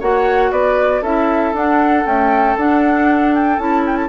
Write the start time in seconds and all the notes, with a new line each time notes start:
0.00 A#3 F#4 C#5 F#5
0.51 B3 B4 D5
1.02 C#4 E4 A4 E5
1.53 D4 F#5
2.05 A3 C#4 G5
2.57 D4 F#5
3.35 G5
3.58 C#4 E4 A5
3.86 G5
3.97 A5